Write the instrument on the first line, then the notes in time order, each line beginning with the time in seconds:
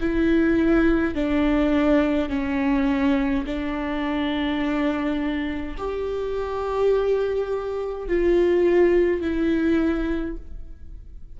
viola
0.00 E4
1.14 D4
2.29 C#4
3.46 D4
5.77 G4
8.08 F4
9.21 E4